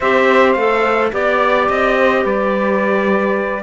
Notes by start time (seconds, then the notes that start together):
0.00 C4 G4 C5 E5
0.52 A3 A4 F5
1.12 B3 G4 D5
1.69 C4 D#5
1.97 C5
2.22 G3 B4 D5